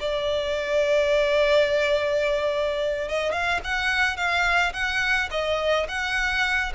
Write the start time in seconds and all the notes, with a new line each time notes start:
0.00 D5
3.08 D#5
3.32 F5
3.64 F#5
4.17 F5
4.73 F#5
5.31 D#5
5.89 F#5